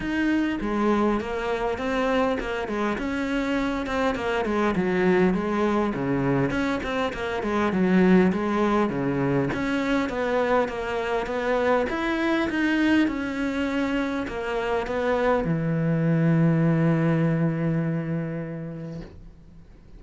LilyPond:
\new Staff \with { instrumentName = "cello" } { \time 4/4 \tempo 4 = 101 dis'4 gis4 ais4 c'4 | ais8 gis8 cis'4. c'8 ais8 gis8 | fis4 gis4 cis4 cis'8 c'8 | ais8 gis8 fis4 gis4 cis4 |
cis'4 b4 ais4 b4 | e'4 dis'4 cis'2 | ais4 b4 e2~ | e1 | }